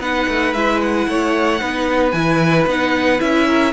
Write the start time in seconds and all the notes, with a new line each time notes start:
0.00 B3 D#4 B4 F#5
0.29 A3
0.54 G#3 E4 E5
0.82 F#5
1.08 A3 C#5
1.61 B3 D#4 B4
2.12 E3 E4 G#5
2.67 B3 D#4 F#5
3.19 C#4 E4 E5
3.47 A#4